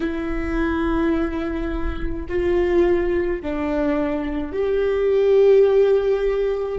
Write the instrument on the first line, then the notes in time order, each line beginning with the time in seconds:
viola
0.00 E4
2.28 F4
3.42 D4
4.52 G4